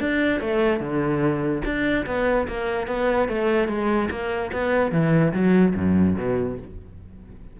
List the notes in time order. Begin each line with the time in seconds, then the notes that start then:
0.00 D4
0.40 A3
0.80 D3
1.65 D4
2.06 B3
2.48 A#3
2.87 B3
3.28 A3
3.68 G#3
4.10 A#3
4.52 B3
4.92 E3
5.33 F#3
5.75 F#2
6.17 B2